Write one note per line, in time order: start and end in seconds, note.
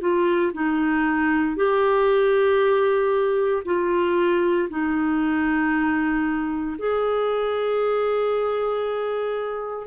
0.00 0.52 F4
0.53 1.56 D#4
1.56 3.63 G4
3.65 4.68 F4
4.70 6.77 D#4
6.78 9.87 G#4